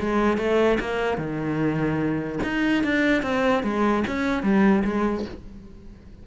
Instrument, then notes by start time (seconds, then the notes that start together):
cello
0.00 G#3
0.38 A3
0.81 A#3
1.18 D#3
2.43 D#4
2.84 D4
3.23 C4
3.64 G#3
4.08 C#4
4.43 G3
4.85 G#3